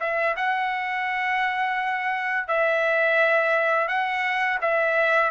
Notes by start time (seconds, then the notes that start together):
0.00 E5
0.36 F#5
2.47 E5
3.88 F#5
4.61 E5